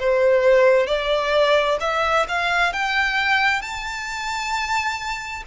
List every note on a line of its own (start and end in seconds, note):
0.00 0.87 C5
0.87 1.78 D5
1.81 2.26 E5
2.29 2.73 F5
2.73 3.62 G5
3.62 5.43 A5